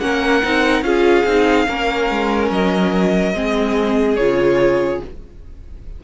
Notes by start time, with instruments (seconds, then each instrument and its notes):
0.00 cello A#3, viola C#4, violin A#4 F#5
0.43 cello C4, viola D#4
0.81 cello C#4, viola F4, violin G#4 F5
1.25 cello C4, viola D#4
1.67 cello A#3, viola C#4, violin A#4
2.10 cello G#3
2.50 cello F#3, violin D#5
3.34 cello G#3, viola C4, violin G#4
4.16 cello C#3, viola F4, violin C#5